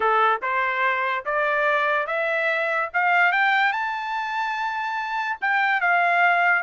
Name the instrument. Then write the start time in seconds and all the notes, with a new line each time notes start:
trumpet
0.00 A4
0.41 C5
1.25 D5
2.06 E5
2.93 F5
3.32 G5
3.72 A5
5.41 G5
5.80 F5